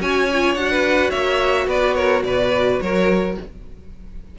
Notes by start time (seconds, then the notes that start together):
0.00 C#4 F#4 C#5 G#5
0.33 F4
0.55 D4 F#4 F#5
0.71 B4
1.10 A#3 C#5 E5
1.66 B3 B4 D5
1.95 A#4 C#5
2.23 B2 B4 D5
2.80 F#3 A#4 C#5